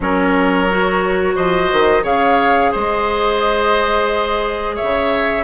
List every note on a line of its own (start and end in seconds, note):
0.00 1.36 F#3
0.00 0.68 C#4
0.00 1.35 A#4
0.00 1.36 C#5
0.68 2.02 F#4
1.35 1.71 F3
1.35 2.03 C5
1.35 2.04 D#5
1.72 2.03 D#3
2.02 2.71 C#3
2.02 5.43 G#4
2.02 2.71 C#5
2.02 2.73 F5
2.71 4.80 G#3
2.71 4.75 C5
2.71 4.77 D#5
4.75 5.43 C#5
4.75 5.43 E5
4.82 5.43 C#3